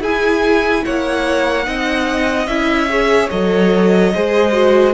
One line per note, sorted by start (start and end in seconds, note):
0.00 0.82 E4
0.00 1.64 E4
0.00 0.84 G#4
0.00 0.85 G#5
0.85 1.66 A#3
0.85 1.66 C#5
0.85 2.46 F#5
1.64 2.46 C4
1.64 2.46 D#4
1.64 2.89 D#5
2.46 3.29 C#4
2.46 2.89 E4
2.46 3.29 E5
2.89 3.30 G#4
2.89 4.14 C#5
3.30 4.14 F#3
3.30 4.13 A4
3.30 4.94 D#5
4.14 4.94 G#3
4.14 4.53 G#4
4.14 4.94 C5
4.53 4.94 F#4